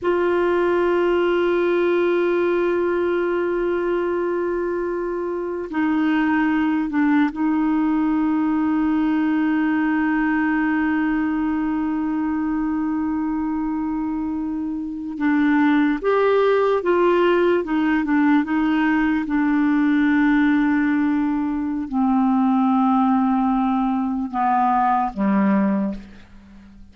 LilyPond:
\new Staff \with { instrumentName = "clarinet" } { \time 4/4 \tempo 4 = 74 f'1~ | f'2. dis'4~ | dis'8 d'8 dis'2.~ | dis'1~ |
dis'2~ dis'8. d'4 g'16~ | g'8. f'4 dis'8 d'8 dis'4 d'16~ | d'2. c'4~ | c'2 b4 g4 | }